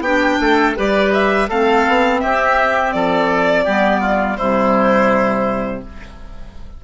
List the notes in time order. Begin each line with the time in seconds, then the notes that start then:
0.00 B3 D4 G4 G5
0.40 A3 A4
0.76 G3 G4 B4 D5
1.13 E5
1.48 A3 C4 A4 F5
1.87 B3
2.20 C4 G4 E5
2.92 F3 A4 D5
3.64 G3 B3 G4
4.00 F4
4.36 C3 G3 E4 C5